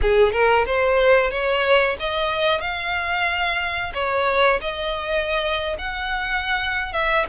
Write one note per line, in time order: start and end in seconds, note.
0.01 0.32 G#4
0.32 0.65 A#4
0.66 1.30 C5
1.30 1.96 C#5
1.99 2.60 D#5
2.60 3.92 F5
3.94 4.59 C#5
4.61 5.76 D#5
5.78 6.92 F#5
6.92 7.25 E5